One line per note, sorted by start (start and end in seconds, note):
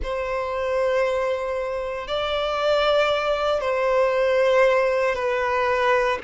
0.02 2.07 C5
2.07 3.61 D5
3.61 5.14 C5
5.14 6.18 B4